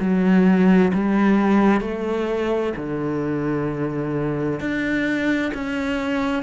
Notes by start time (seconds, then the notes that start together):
0.00 F#3
0.94 G3
1.81 A3
2.77 D3
4.60 D4
5.54 C#4